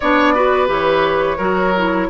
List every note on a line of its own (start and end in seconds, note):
0.00 0.68 B3
0.00 0.35 D4
0.00 0.34 C#5
0.00 0.68 D5
0.34 0.67 F#4
0.34 1.37 B4
0.67 1.37 E3
0.67 1.37 G4
0.67 2.09 C#5
1.37 2.08 F#3
1.37 1.74 F#4
1.37 2.07 A#4
1.77 2.09 E4